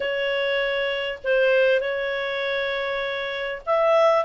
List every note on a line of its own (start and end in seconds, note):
0.00 1.18 C#5
1.24 1.80 C5
1.80 3.62 C#5
3.65 4.24 E5